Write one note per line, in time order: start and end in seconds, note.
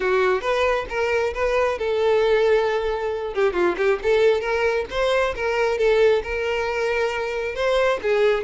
0.00 0.41 F#4
0.41 0.85 B4
0.89 1.33 A#4
1.34 1.78 B4
1.78 3.34 A4
3.34 3.53 G4
3.53 3.75 F4
3.77 3.99 G4
4.02 4.40 A4
4.40 4.85 A#4
4.90 5.34 C5
5.35 5.78 A#4
5.78 6.22 A4
6.23 7.55 A#4
7.55 7.99 C5
8.02 8.43 G#4